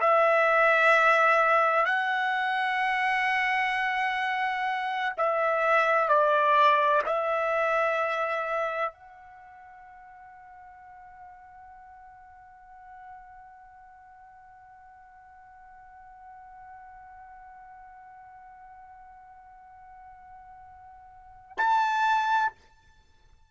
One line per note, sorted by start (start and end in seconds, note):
0.00 1.85 E5
1.85 5.13 F#5
5.17 6.08 E5
6.08 7.01 D5
7.06 8.93 E5
8.93 21.57 F#5
21.57 22.51 A5